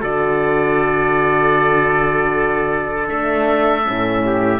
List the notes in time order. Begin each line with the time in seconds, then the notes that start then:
0.00 D3 F#4 A4 D5
3.07 A3 D4 E5
3.82 C#4
3.89 A2
4.25 G4